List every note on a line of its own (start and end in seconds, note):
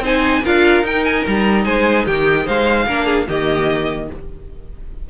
0.00 0.41 C4
0.00 0.44 D#4
0.00 0.42 C5
0.00 0.45 G#5
0.42 0.83 D4
0.42 0.84 F4
0.42 1.64 A#4
0.42 0.86 F5
0.83 1.24 D#4
0.83 2.87 D#4
0.83 1.05 G5
1.05 1.25 G#5
1.27 1.65 G3
1.27 1.65 A#5
1.65 2.06 G#3
1.65 2.06 C5
1.65 2.05 G#5
2.06 2.47 D#3
2.06 2.45 G4
2.06 2.47 G5
2.45 2.86 G#3
2.45 2.86 C5
2.45 3.28 F5
2.86 3.27 A#3
2.86 3.28 D4
2.86 3.06 A#4
3.06 3.26 G#4
3.28 4.10 D#3
3.28 4.10 A#3
3.28 4.09 G4
3.28 4.10 D#5